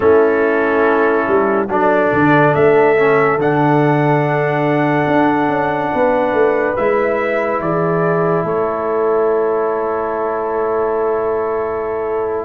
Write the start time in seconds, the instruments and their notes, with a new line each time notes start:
0.00 tuba A3, trombone C#4, horn E4, trumpet A4
1.27 tuba G3
1.67 tuba F#3, trombone D4, horn A4, trumpet D5
2.12 tuba D3
2.54 tuba A3, trumpet E5
2.96 trombone C#4
3.37 tuba D3, trombone D4, trumpet F#5
5.07 tuba D4
5.48 tuba C#4
5.93 tuba B3, horn B4
6.33 tuba A3
6.76 tuba G#3, trombone E4, trumpet E5
7.60 tuba E3, horn G#4, trumpet D5
8.44 tuba A3, horn A4, trumpet C#5